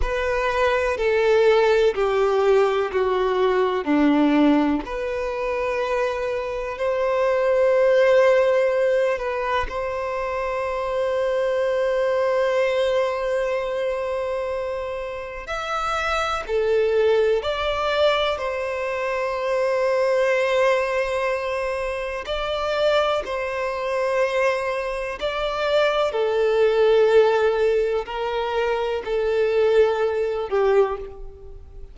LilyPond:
\new Staff \with { instrumentName = "violin" } { \time 4/4 \tempo 4 = 62 b'4 a'4 g'4 fis'4 | d'4 b'2 c''4~ | c''4. b'8 c''2~ | c''1 |
e''4 a'4 d''4 c''4~ | c''2. d''4 | c''2 d''4 a'4~ | a'4 ais'4 a'4. g'8 | }